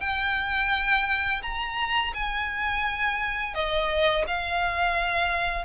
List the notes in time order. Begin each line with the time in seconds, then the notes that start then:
0.00 G5
1.42 A#5
2.14 G#5
3.54 D#5
4.27 F5